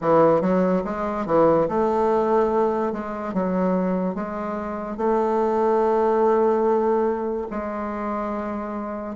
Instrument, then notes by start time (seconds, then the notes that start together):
bassoon
0.01 E3
0.41 F#3
0.84 G#3
1.26 E3
1.68 A3
2.92 G#3
3.33 F#3
4.14 G#3
4.97 A3
7.50 G#3